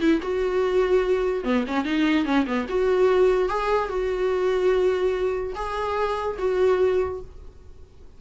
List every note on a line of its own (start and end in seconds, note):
0.00 0.21 E4
0.22 1.44 F#4
1.44 1.65 B3
1.67 1.85 C#4
1.85 2.25 D#4
2.25 2.46 C#4
2.46 2.67 B3
2.69 3.49 F#4
3.49 3.89 G#4
3.89 5.53 F#4
5.55 6.37 G#4
6.38 7.20 F#4